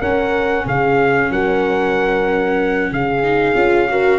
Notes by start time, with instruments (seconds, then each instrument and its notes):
0.00 tuba C#4, viola C#4, horn A#4, trumpet F#5
0.66 tuba C#3, horn G#4, trumpet F5
1.31 tuba F#3, horn A#4, trumpet F#5
2.92 tuba C#3, horn G#4, trumpet F5
3.23 viola D#4
3.55 tuba C#4, viola F4
3.90 viola F#4, horn A#4